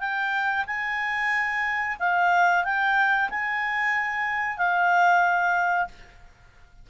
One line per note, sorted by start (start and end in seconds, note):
0.00 0.65 G5
0.67 1.97 G#5
2.00 2.64 F5
2.64 3.29 G5
3.30 4.57 G#5
4.57 5.88 F5